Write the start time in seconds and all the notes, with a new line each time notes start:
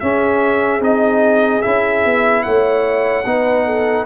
0.00 C#4 G#4 E5
0.80 C4 D#4 D#5
1.62 C#4 E4 E5
2.05 B3
2.43 A3 C#5 F#5
3.25 B3 D#4 B4
3.65 A4